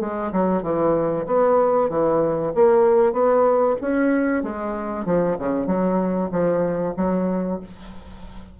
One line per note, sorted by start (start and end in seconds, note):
0.00 0.32 G#3
0.32 0.63 F#3
0.63 1.26 E3
1.26 1.89 B3
1.89 2.52 E3
2.55 3.13 A#3
3.13 3.76 B3
3.81 4.43 C#4
4.43 5.05 G#3
5.05 5.37 F3
5.39 5.66 C#3
5.66 6.30 F#3
6.31 6.94 F3
6.96 7.60 F#3